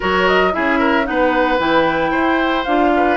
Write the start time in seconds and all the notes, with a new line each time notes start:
0.00 F#3 F#4 A#4 C#5
0.27 D#5
0.52 C#4 E4 G#4 E5
0.79 A#4
1.04 B3 D#4 B4 F#5
1.59 E3 E4 G5
2.11 E4 C5
2.64 D4 F4 F5
2.96 B4